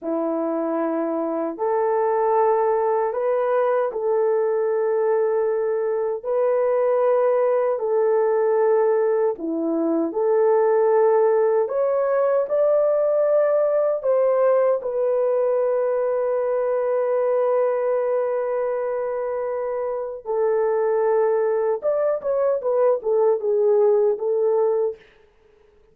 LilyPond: \new Staff \with { instrumentName = "horn" } { \time 4/4 \tempo 4 = 77 e'2 a'2 | b'4 a'2. | b'2 a'2 | e'4 a'2 cis''4 |
d''2 c''4 b'4~ | b'1~ | b'2 a'2 | d''8 cis''8 b'8 a'8 gis'4 a'4 | }